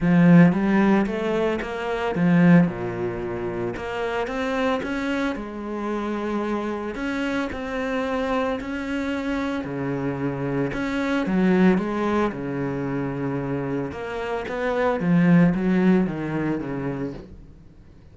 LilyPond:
\new Staff \with { instrumentName = "cello" } { \time 4/4 \tempo 4 = 112 f4 g4 a4 ais4 | f4 ais,2 ais4 | c'4 cis'4 gis2~ | gis4 cis'4 c'2 |
cis'2 cis2 | cis'4 fis4 gis4 cis4~ | cis2 ais4 b4 | f4 fis4 dis4 cis4 | }